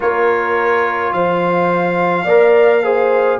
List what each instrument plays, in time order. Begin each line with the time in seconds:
0.00 tuba A#3, trombone F4, horn A#4, trumpet C#5
1.12 tuba F3, horn C5, trumpet F5
2.24 tuba A#3, trombone A#4, horn D5
2.83 trombone G#4, horn C5